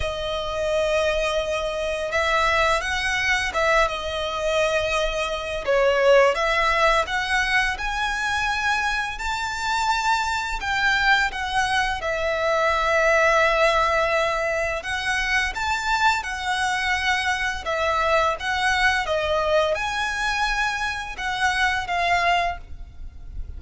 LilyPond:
\new Staff \with { instrumentName = "violin" } { \time 4/4 \tempo 4 = 85 dis''2. e''4 | fis''4 e''8 dis''2~ dis''8 | cis''4 e''4 fis''4 gis''4~ | gis''4 a''2 g''4 |
fis''4 e''2.~ | e''4 fis''4 a''4 fis''4~ | fis''4 e''4 fis''4 dis''4 | gis''2 fis''4 f''4 | }